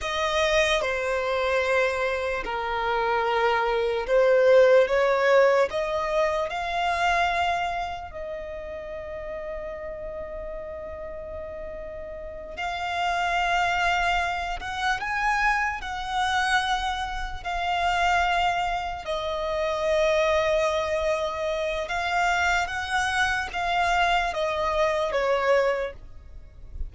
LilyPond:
\new Staff \with { instrumentName = "violin" } { \time 4/4 \tempo 4 = 74 dis''4 c''2 ais'4~ | ais'4 c''4 cis''4 dis''4 | f''2 dis''2~ | dis''2.~ dis''8 f''8~ |
f''2 fis''8 gis''4 fis''8~ | fis''4. f''2 dis''8~ | dis''2. f''4 | fis''4 f''4 dis''4 cis''4 | }